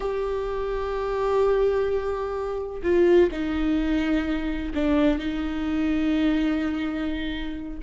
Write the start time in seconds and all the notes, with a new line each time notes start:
0.00 G4
2.82 F4
3.31 D#4
4.74 D4
5.18 D#4